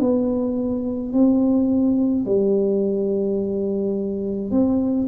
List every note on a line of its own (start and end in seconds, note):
0.00 1.13 B3
1.13 2.25 C4
2.25 4.51 G3
4.51 5.07 C4